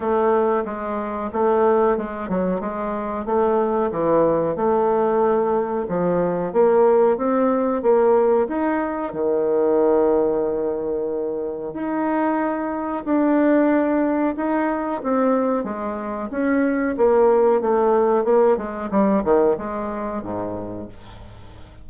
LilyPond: \new Staff \with { instrumentName = "bassoon" } { \time 4/4 \tempo 4 = 92 a4 gis4 a4 gis8 fis8 | gis4 a4 e4 a4~ | a4 f4 ais4 c'4 | ais4 dis'4 dis2~ |
dis2 dis'2 | d'2 dis'4 c'4 | gis4 cis'4 ais4 a4 | ais8 gis8 g8 dis8 gis4 gis,4 | }